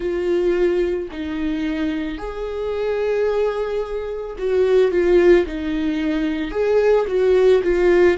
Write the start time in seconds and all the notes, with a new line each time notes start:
0.00 F4
1.12 D#4
2.18 G#4
4.38 F#4
4.91 F4
5.45 D#4
6.51 G#4
7.07 F#4
7.63 F4